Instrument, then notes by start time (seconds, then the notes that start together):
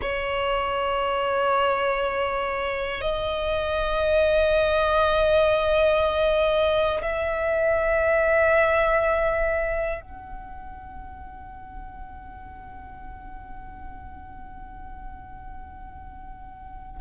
violin
0.01 C#5
3.01 D#5
7.02 E5
10.00 F#5